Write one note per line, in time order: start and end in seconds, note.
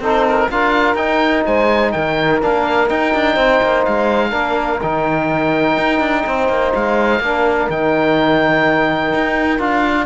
0.00 0.48 C4
0.00 0.50 D#4
0.00 0.48 A4
0.00 0.27 C5
0.28 0.51 A#4
0.51 0.95 D4
0.51 0.97 F4
0.51 1.45 A#4
0.51 0.96 F5
0.95 1.43 D#4
0.95 2.41 D#4
0.95 1.44 G5
1.45 1.95 G#3
1.45 1.93 C5
1.45 1.92 G#5
1.92 2.43 D#3
1.92 3.34 A#4
1.92 2.40 G5
2.42 2.90 A#3
2.42 2.89 D4
2.42 2.90 F5
2.89 4.31 D#4
2.89 3.14 D#4
2.89 3.85 G5
3.14 3.36 D4
3.34 3.60 C4
3.34 4.29 C5
3.63 3.87 A#3
3.85 4.33 G#3
3.85 4.81 F5
4.29 4.80 A#3
4.29 4.79 D4
4.29 6.21 A#4
4.82 5.78 D#3
4.82 7.23 D#4
4.82 6.74 G5
5.78 6.00 D#4
6.00 6.24 D4
6.26 6.49 C4
6.26 7.23 C5
6.49 6.73 A#3
6.74 7.20 G#3
6.74 7.70 F5
7.20 7.68 A#3
7.20 7.71 D4
7.20 10.06 A#4
7.69 9.13 D#3
7.69 9.59 D#4
7.69 9.62 G5
9.15 9.59 D#4
9.59 10.06 D4
9.59 10.06 F4
9.59 10.06 F5